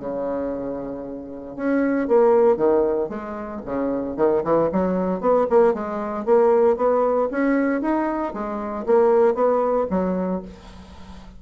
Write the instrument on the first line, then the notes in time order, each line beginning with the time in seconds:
bassoon
0.00 C#3
1.57 C#4
2.08 A#3
2.57 D#3
3.09 G#3
3.66 C#3
4.17 D#3
4.44 E3
4.73 F#3
5.21 B3
5.50 A#3
5.74 G#3
6.26 A#3
6.77 B3
7.32 C#4
7.82 D#4
8.34 G#3
8.87 A#3
9.35 B3
9.91 F#3